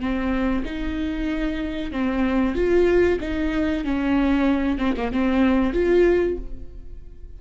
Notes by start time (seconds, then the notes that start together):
0.00 C4
0.65 D#4
1.92 C4
2.56 F4
3.21 D#4
3.85 C#4
4.78 C4
4.97 A#3
5.12 C4
5.74 F4